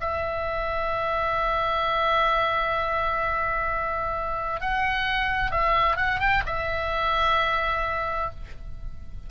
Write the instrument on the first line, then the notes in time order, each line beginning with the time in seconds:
oboe
0.00 E5
4.60 F#5
5.51 E5
5.96 F#5
6.19 G5
6.45 E5